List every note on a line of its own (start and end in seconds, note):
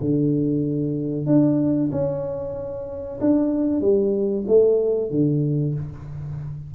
0.00 1.26 D3
1.26 1.90 D4
1.91 3.19 C#4
3.20 3.81 D4
3.81 4.44 G3
4.47 5.10 A3
5.10 5.74 D3